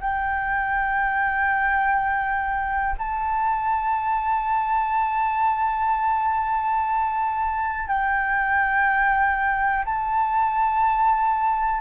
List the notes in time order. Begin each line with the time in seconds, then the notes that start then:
0.00 G5
2.98 A5
7.87 G5
9.85 A5